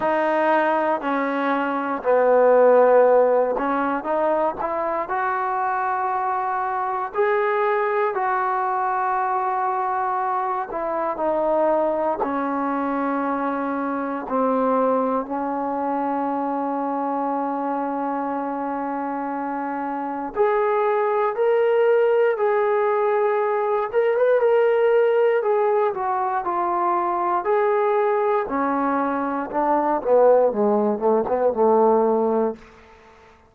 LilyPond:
\new Staff \with { instrumentName = "trombone" } { \time 4/4 \tempo 4 = 59 dis'4 cis'4 b4. cis'8 | dis'8 e'8 fis'2 gis'4 | fis'2~ fis'8 e'8 dis'4 | cis'2 c'4 cis'4~ |
cis'1 | gis'4 ais'4 gis'4. ais'16 b'16 | ais'4 gis'8 fis'8 f'4 gis'4 | cis'4 d'8 b8 gis8 a16 b16 a4 | }